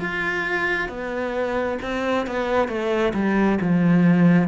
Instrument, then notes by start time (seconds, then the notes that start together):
cello
0.00 F4
0.89 B3
1.82 C4
2.27 B3
2.68 A3
3.14 G3
3.61 F3